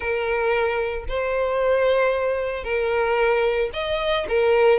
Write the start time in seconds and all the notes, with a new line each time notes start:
0.00 A#4
1.08 C5
2.64 A#4
3.73 D#5
4.28 A#4